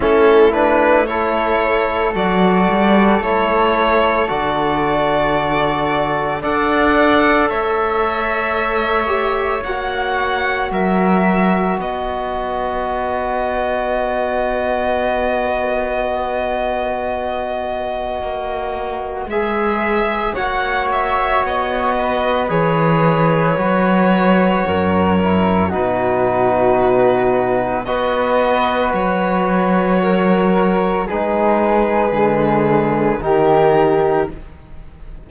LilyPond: <<
  \new Staff \with { instrumentName = "violin" } { \time 4/4 \tempo 4 = 56 a'8 b'8 cis''4 d''4 cis''4 | d''2 fis''4 e''4~ | e''4 fis''4 e''4 dis''4~ | dis''1~ |
dis''2 e''4 fis''8 e''8 | dis''4 cis''2. | b'2 dis''4 cis''4~ | cis''4 b'2 ais'4 | }
  \new Staff \with { instrumentName = "flute" } { \time 4/4 e'4 a'2.~ | a'2 d''4 cis''4~ | cis''2 ais'4 b'4~ | b'1~ |
b'2. cis''4~ | cis''8 b'2~ b'8 ais'4 | fis'2 b'2 | ais'4 gis'2 g'4 | }
  \new Staff \with { instrumentName = "trombone" } { \time 4/4 cis'8 d'8 e'4 fis'4 e'4 | fis'2 a'2~ | a'8 g'8 fis'2.~ | fis'1~ |
fis'2 gis'4 fis'4~ | fis'4 gis'4 fis'4. e'8 | dis'2 fis'2~ | fis'4 dis'4 gis4 dis'4 | }
  \new Staff \with { instrumentName = "cello" } { \time 4/4 a2 fis8 g8 a4 | d2 d'4 a4~ | a4 ais4 fis4 b4~ | b1~ |
b4 ais4 gis4 ais4 | b4 e4 fis4 fis,4 | b,2 b4 fis4~ | fis4 gis4 d4 dis4 | }
>>